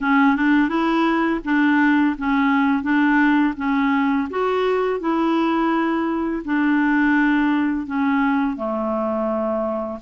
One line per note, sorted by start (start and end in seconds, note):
0.01 0.36 C#4
0.36 0.68 D4
0.68 1.40 E4
1.44 2.16 D4
2.18 2.82 C#4
2.82 3.54 D4
3.56 4.28 C#4
4.30 4.99 F#4
4.99 6.42 E4
6.44 7.86 D4
7.86 8.56 C#4
8.56 9.99 A3